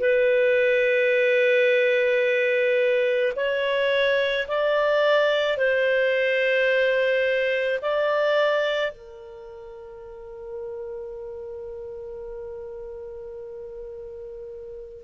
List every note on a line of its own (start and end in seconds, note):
0.00 3.33 B4
3.36 4.47 C#5
4.48 5.58 D5
5.58 7.80 C5
7.82 8.92 D5
8.92 15.03 A#4